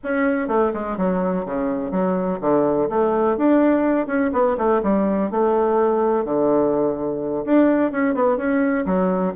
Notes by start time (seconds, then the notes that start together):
0.03 C#4
0.48 A3
0.73 G#3
0.97 F#3
1.45 C#3
1.91 F#3
2.40 D3
2.89 A3
3.37 D4
4.06 C#4
4.32 B3
4.57 A3
4.82 G3
5.30 A3
6.24 D3
7.45 D4
7.91 C#4
8.14 B3
8.37 C#4
8.85 F#3